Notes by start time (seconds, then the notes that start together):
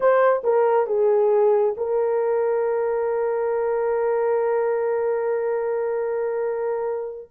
0.00 C5
0.43 A#4
0.86 G#4
1.77 A#4